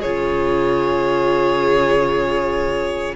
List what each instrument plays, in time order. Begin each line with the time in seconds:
0.00 cello C#3, viola F4, violin G#4 C#5